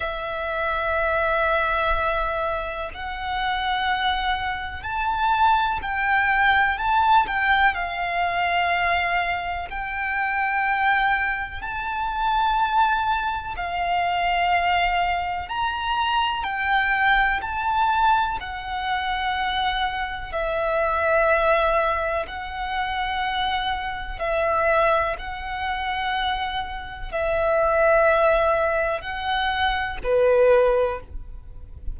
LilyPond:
\new Staff \with { instrumentName = "violin" } { \time 4/4 \tempo 4 = 62 e''2. fis''4~ | fis''4 a''4 g''4 a''8 g''8 | f''2 g''2 | a''2 f''2 |
ais''4 g''4 a''4 fis''4~ | fis''4 e''2 fis''4~ | fis''4 e''4 fis''2 | e''2 fis''4 b'4 | }